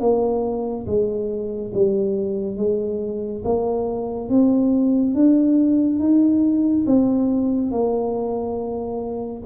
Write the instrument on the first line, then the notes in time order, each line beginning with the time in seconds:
tuba
0.00 A#3
0.86 G#3
1.74 G3
2.57 G#3
3.44 A#3
4.29 C4
5.14 D4
6.00 D#4
6.86 C4
7.71 A#3